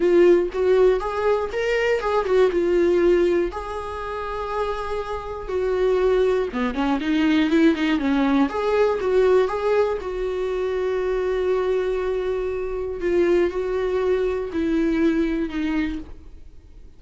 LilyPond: \new Staff \with { instrumentName = "viola" } { \time 4/4 \tempo 4 = 120 f'4 fis'4 gis'4 ais'4 | gis'8 fis'8 f'2 gis'4~ | gis'2. fis'4~ | fis'4 b8 cis'8 dis'4 e'8 dis'8 |
cis'4 gis'4 fis'4 gis'4 | fis'1~ | fis'2 f'4 fis'4~ | fis'4 e'2 dis'4 | }